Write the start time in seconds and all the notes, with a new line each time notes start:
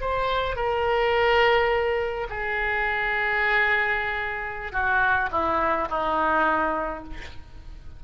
0.00 C5
0.56 A#4
2.29 G#4
4.72 F#4
5.31 E4
5.89 D#4